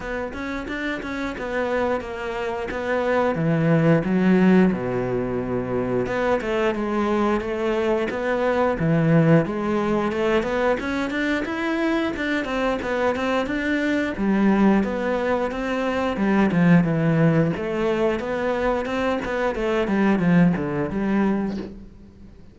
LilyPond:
\new Staff \with { instrumentName = "cello" } { \time 4/4 \tempo 4 = 89 b8 cis'8 d'8 cis'8 b4 ais4 | b4 e4 fis4 b,4~ | b,4 b8 a8 gis4 a4 | b4 e4 gis4 a8 b8 |
cis'8 d'8 e'4 d'8 c'8 b8 c'8 | d'4 g4 b4 c'4 | g8 f8 e4 a4 b4 | c'8 b8 a8 g8 f8 d8 g4 | }